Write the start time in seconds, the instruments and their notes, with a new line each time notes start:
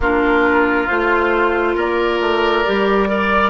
0.00 bassoon A#3, clarinet D4, oboe F4, flute A#4
0.87 bassoon A3, clarinet F4, flute C5
1.75 bassoon A#3, oboe A#4, flute D5
2.20 bassoon A3
2.65 bassoon G3, clarinet G4
3.07 clarinet A#4, oboe D5